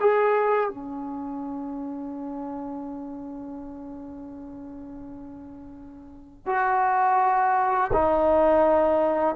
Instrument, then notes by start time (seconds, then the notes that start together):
trombone
0.00 G#4
0.69 C#4
6.46 F#4
7.93 D#4